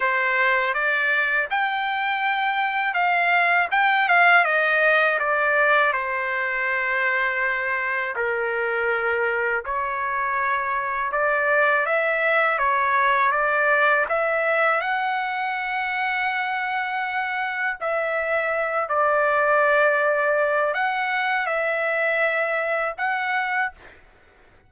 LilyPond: \new Staff \with { instrumentName = "trumpet" } { \time 4/4 \tempo 4 = 81 c''4 d''4 g''2 | f''4 g''8 f''8 dis''4 d''4 | c''2. ais'4~ | ais'4 cis''2 d''4 |
e''4 cis''4 d''4 e''4 | fis''1 | e''4. d''2~ d''8 | fis''4 e''2 fis''4 | }